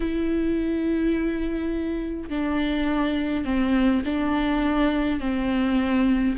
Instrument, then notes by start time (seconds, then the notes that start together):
viola
0.00 E4
2.29 D4
3.44 C4
4.05 D4
5.20 C4